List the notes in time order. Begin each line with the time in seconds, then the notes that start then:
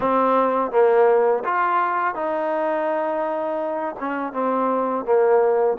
0.00 C4
0.71 A#3
1.44 F4
2.14 D#4
3.99 C#4
4.32 C4
5.05 A#3